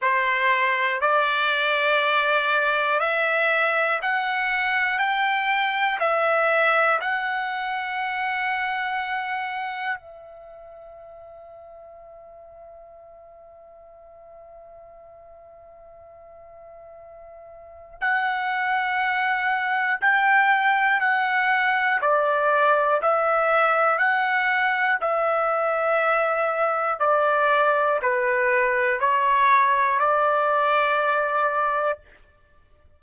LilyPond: \new Staff \with { instrumentName = "trumpet" } { \time 4/4 \tempo 4 = 60 c''4 d''2 e''4 | fis''4 g''4 e''4 fis''4~ | fis''2 e''2~ | e''1~ |
e''2 fis''2 | g''4 fis''4 d''4 e''4 | fis''4 e''2 d''4 | b'4 cis''4 d''2 | }